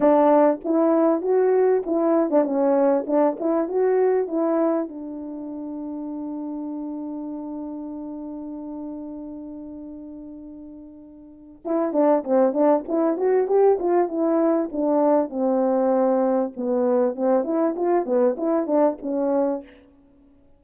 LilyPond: \new Staff \with { instrumentName = "horn" } { \time 4/4 \tempo 4 = 98 d'4 e'4 fis'4 e'8. d'16 | cis'4 d'8 e'8 fis'4 e'4 | d'1~ | d'1~ |
d'2. e'8 d'8 | c'8 d'8 e'8 fis'8 g'8 f'8 e'4 | d'4 c'2 b4 | c'8 e'8 f'8 b8 e'8 d'8 cis'4 | }